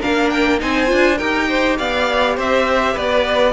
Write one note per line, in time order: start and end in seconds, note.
0.00 0.62 A#3
0.00 0.59 D4
0.00 0.59 A#4
0.00 0.29 F5
0.29 0.59 G5
0.59 0.91 C4
0.59 0.86 D#4
0.59 1.18 C5
0.59 1.17 G#5
0.86 1.20 D4
0.86 1.16 F4
1.17 1.79 D#4
1.17 3.53 G4
1.17 1.47 A#4
1.17 1.76 G5
1.48 1.77 C5
1.77 2.37 B3
1.77 2.36 D5
1.77 2.36 F5
2.36 2.96 C4
2.36 2.93 C5
2.36 2.97 E5
2.93 3.53 B3
2.93 3.52 B4
2.93 3.53 D5